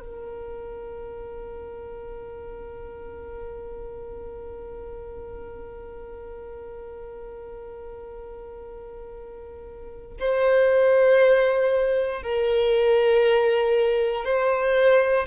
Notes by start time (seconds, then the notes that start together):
0.00 A#4
10.19 C5
12.22 A#4
14.25 C5